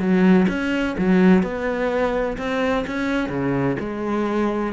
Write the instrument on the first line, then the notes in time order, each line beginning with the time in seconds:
cello
0.00 F#3
0.49 C#4
0.98 F#3
1.43 B3
2.38 C4
2.87 C#4
3.29 C#3
3.80 G#3